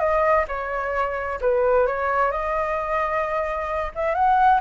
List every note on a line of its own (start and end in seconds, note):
0.00 0.46 D#5
0.48 1.40 C#5
1.41 1.87 B4
1.87 2.32 C#5
2.32 3.92 D#5
3.95 4.15 E5
4.15 4.61 F#5